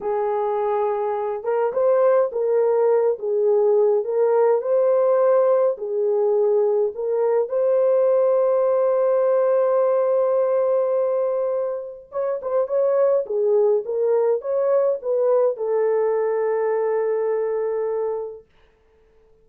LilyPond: \new Staff \with { instrumentName = "horn" } { \time 4/4 \tempo 4 = 104 gis'2~ gis'8 ais'8 c''4 | ais'4. gis'4. ais'4 | c''2 gis'2 | ais'4 c''2.~ |
c''1~ | c''4 cis''8 c''8 cis''4 gis'4 | ais'4 cis''4 b'4 a'4~ | a'1 | }